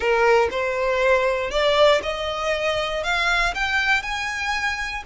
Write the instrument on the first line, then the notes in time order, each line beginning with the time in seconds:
violin
0.00 A#4
0.50 C5
1.50 D5
2.03 D#5
3.03 F5
3.54 G5
4.02 G#5